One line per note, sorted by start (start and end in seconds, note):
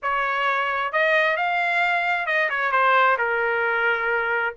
0.02 0.92 C#5
0.92 1.36 D#5
1.36 2.26 F5
2.26 2.49 D#5
2.49 2.71 C#5
2.71 3.17 C5
3.18 4.54 A#4